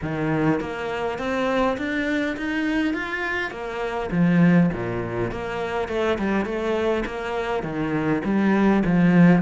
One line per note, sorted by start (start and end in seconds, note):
0.02 0.60 D#3
0.60 1.18 A#3
1.18 1.77 C4
1.77 2.36 D4
2.36 2.93 D#4
2.93 3.50 F4
3.50 4.09 A#3
4.11 4.70 F3
4.73 5.31 A#2
5.31 5.88 A#3
5.88 6.17 A3
6.18 6.45 G3
6.45 7.04 A3
7.05 7.63 A#3
7.63 8.22 D#3
8.24 8.83 G3
8.85 9.41 F3